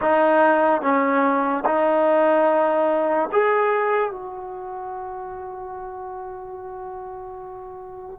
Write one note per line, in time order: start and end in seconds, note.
0.01 0.81 D#4
0.81 1.64 C#4
1.65 3.29 D#4
3.31 4.11 G#4
4.11 8.19 F#4